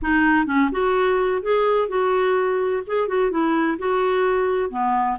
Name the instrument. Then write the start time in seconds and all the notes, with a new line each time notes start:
clarinet
0.02 D#4
0.46 C#4
0.71 F#4
1.42 G#4
1.88 F#4
2.86 G#4
3.08 F#4
3.30 E4
3.78 F#4
4.70 B3